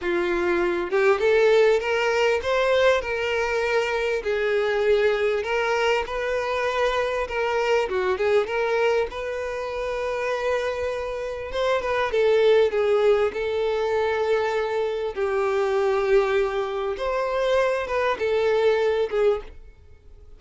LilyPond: \new Staff \with { instrumentName = "violin" } { \time 4/4 \tempo 4 = 99 f'4. g'8 a'4 ais'4 | c''4 ais'2 gis'4~ | gis'4 ais'4 b'2 | ais'4 fis'8 gis'8 ais'4 b'4~ |
b'2. c''8 b'8 | a'4 gis'4 a'2~ | a'4 g'2. | c''4. b'8 a'4. gis'8 | }